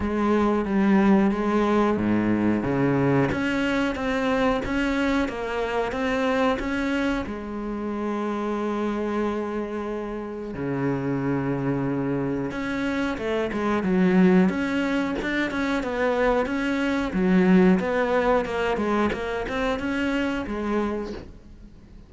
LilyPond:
\new Staff \with { instrumentName = "cello" } { \time 4/4 \tempo 4 = 91 gis4 g4 gis4 gis,4 | cis4 cis'4 c'4 cis'4 | ais4 c'4 cis'4 gis4~ | gis1 |
cis2. cis'4 | a8 gis8 fis4 cis'4 d'8 cis'8 | b4 cis'4 fis4 b4 | ais8 gis8 ais8 c'8 cis'4 gis4 | }